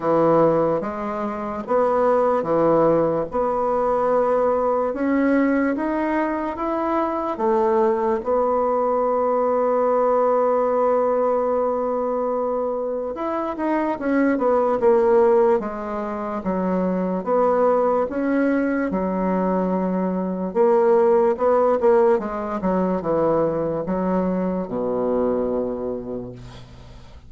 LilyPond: \new Staff \with { instrumentName = "bassoon" } { \time 4/4 \tempo 4 = 73 e4 gis4 b4 e4 | b2 cis'4 dis'4 | e'4 a4 b2~ | b1 |
e'8 dis'8 cis'8 b8 ais4 gis4 | fis4 b4 cis'4 fis4~ | fis4 ais4 b8 ais8 gis8 fis8 | e4 fis4 b,2 | }